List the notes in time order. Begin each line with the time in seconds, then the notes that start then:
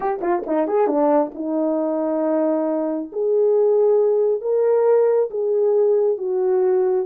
0.00 G4
0.21 F4
0.46 D#4
0.67 G#4
0.87 D4
1.34 D#4
3.12 G#4
4.41 A#4
5.30 G#4
6.17 F#4